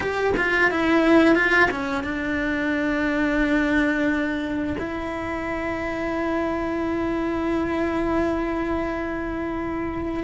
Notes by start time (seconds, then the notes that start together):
0.00 G4
0.36 F4
0.70 E4
1.35 F4
1.70 C#4
2.03 D4
4.78 E4